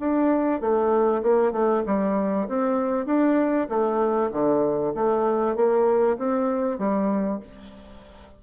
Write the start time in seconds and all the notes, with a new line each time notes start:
0.00 D4
0.61 A3
1.23 A#3
1.52 A3
1.86 G3
2.49 C4
3.06 D4
3.69 A3
4.32 D3
4.95 A3
5.56 A#3
6.18 C4
6.78 G3